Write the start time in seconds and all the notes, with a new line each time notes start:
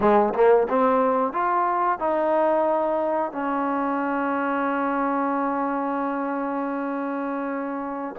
0.00 G#3
0.34 A#3
0.68 C4
1.32 F4
1.98 D#4
3.32 C#4